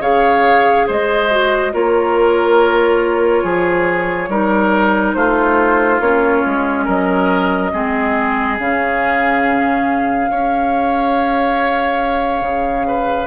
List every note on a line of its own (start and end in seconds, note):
0.00 0.86 C#3
0.00 1.29 G#4
0.00 0.86 C#5
0.00 0.87 F5
0.86 1.74 G#3
0.86 1.72 C5
0.86 1.73 D#5
1.30 1.72 F#4
1.72 3.43 A#3
1.72 4.29 F4
1.72 3.43 A#4
1.72 5.14 C#5
3.43 4.28 F3
3.43 4.29 G#4
4.28 5.14 G3
4.28 6.01 D#4
4.28 5.16 A#4
5.14 6.00 A3
5.14 6.84 F4
5.14 5.99 C5
6.00 6.42 A#3
6.00 7.72 C#4
6.00 6.86 C#5
6.45 6.87 G#3
6.84 7.73 F#3
6.84 7.70 A#4
6.84 8.57 D#5
7.72 8.59 G#3
7.72 8.58 C4
7.72 10.30 G#4
8.57 10.30 C#3
8.57 10.30 C#4
8.57 13.27 F5
10.30 12.41 C#4
10.30 13.27 G#4
10.30 12.87 C#5
12.41 13.27 C#3
12.87 13.27 B4